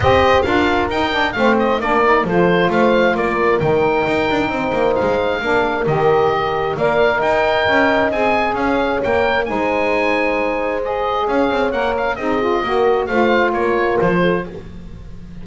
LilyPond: <<
  \new Staff \with { instrumentName = "oboe" } { \time 4/4 \tempo 4 = 133 dis''4 f''4 g''4 f''8 dis''8 | d''4 c''4 f''4 d''4 | g''2. f''4~ | f''4 dis''2 f''4 |
g''2 gis''4 f''4 | g''4 gis''2. | dis''4 f''4 fis''8 f''8 dis''4~ | dis''4 f''4 cis''4 c''4 | }
  \new Staff \with { instrumentName = "horn" } { \time 4/4 c''4 ais'2 c''4 | ais'4 a'4 c''4 ais'4~ | ais'2 c''2 | ais'2. d''4 |
dis''2. cis''4~ | cis''4 c''2.~ | c''4 cis''2 gis'4 | ais'4 c''4 ais'4. a'8 | }
  \new Staff \with { instrumentName = "saxophone" } { \time 4/4 g'4 f'4 dis'8 d'8 c'4 | d'8 dis'8 f'2. | dis'1 | d'4 g'2 ais'4~ |
ais'2 gis'2 | ais'4 dis'2. | gis'2 ais'4 dis'8 f'8 | fis'4 f'2. | }
  \new Staff \with { instrumentName = "double bass" } { \time 4/4 c'4 d'4 dis'4 a4 | ais4 f4 a4 ais4 | dis4 dis'8 d'8 c'8 ais8 gis4 | ais4 dis2 ais4 |
dis'4 cis'4 c'4 cis'4 | ais4 gis2.~ | gis4 cis'8 c'8 ais4 c'4 | ais4 a4 ais4 f4 | }
>>